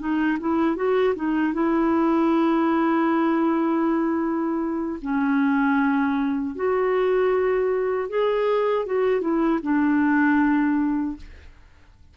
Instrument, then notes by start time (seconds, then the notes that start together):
clarinet
0.00 D#4
0.41 E4
0.76 F#4
1.16 D#4
1.54 E4
5.02 C#4
6.56 F#4
8.09 G#4
8.86 F#4
9.21 E4
9.63 D4